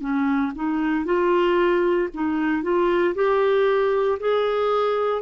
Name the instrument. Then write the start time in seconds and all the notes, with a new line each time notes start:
clarinet
0.00 C#4
0.55 D#4
1.05 F4
2.14 D#4
2.62 F4
3.15 G4
4.19 G#4